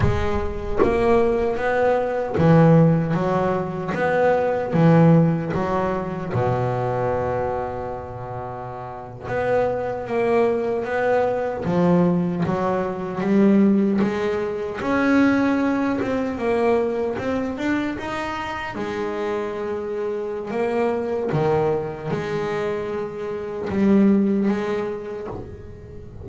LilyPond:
\new Staff \with { instrumentName = "double bass" } { \time 4/4 \tempo 4 = 76 gis4 ais4 b4 e4 | fis4 b4 e4 fis4 | b,2.~ b,8. b16~ | b8. ais4 b4 f4 fis16~ |
fis8. g4 gis4 cis'4~ cis'16~ | cis'16 c'8 ais4 c'8 d'8 dis'4 gis16~ | gis2 ais4 dis4 | gis2 g4 gis4 | }